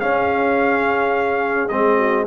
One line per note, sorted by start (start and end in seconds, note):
0.00 1.68 C#4
0.00 1.69 C#4
0.00 1.97 G#4
0.00 1.68 F5
1.68 2.26 G#3
1.68 2.26 C4
1.68 2.24 D#5
1.97 2.25 F#4